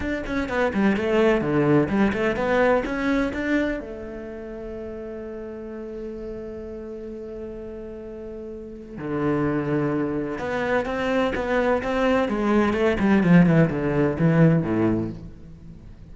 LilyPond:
\new Staff \with { instrumentName = "cello" } { \time 4/4 \tempo 4 = 127 d'8 cis'8 b8 g8 a4 d4 | g8 a8 b4 cis'4 d'4 | a1~ | a1~ |
a2. d4~ | d2 b4 c'4 | b4 c'4 gis4 a8 g8 | f8 e8 d4 e4 a,4 | }